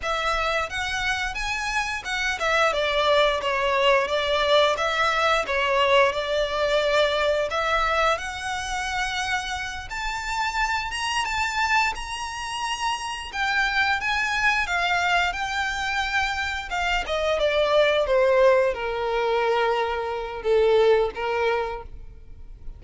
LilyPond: \new Staff \with { instrumentName = "violin" } { \time 4/4 \tempo 4 = 88 e''4 fis''4 gis''4 fis''8 e''8 | d''4 cis''4 d''4 e''4 | cis''4 d''2 e''4 | fis''2~ fis''8 a''4. |
ais''8 a''4 ais''2 g''8~ | g''8 gis''4 f''4 g''4.~ | g''8 f''8 dis''8 d''4 c''4 ais'8~ | ais'2 a'4 ais'4 | }